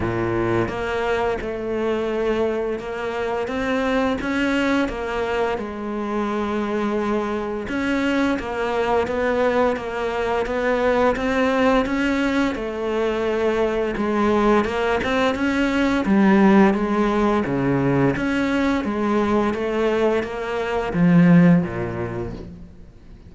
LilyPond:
\new Staff \with { instrumentName = "cello" } { \time 4/4 \tempo 4 = 86 ais,4 ais4 a2 | ais4 c'4 cis'4 ais4 | gis2. cis'4 | ais4 b4 ais4 b4 |
c'4 cis'4 a2 | gis4 ais8 c'8 cis'4 g4 | gis4 cis4 cis'4 gis4 | a4 ais4 f4 ais,4 | }